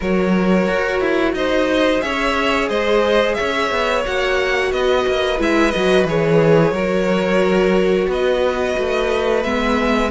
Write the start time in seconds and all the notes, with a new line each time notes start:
0.00 F#3 F#4 A#4 C#5
0.67 F#4
1.00 E4
1.33 D#4 C5 D#5
2.01 C#4 G#4 C#5 E5
2.68 G#3 C5 D#5
3.34 C#5 E5
3.40 C#4
3.70 B3
4.05 A#3 F#4 F#5
4.72 B3 B4 D#5
5.07 A#3
5.38 G#3 E4 E5
5.71 F#3 F#4 D#5
6.04 E3 G#4 C#5
6.72 F#3 F#4 A#4
8.07 B3 B4 D#5
8.78 A3
9.43 G#3 B3 E5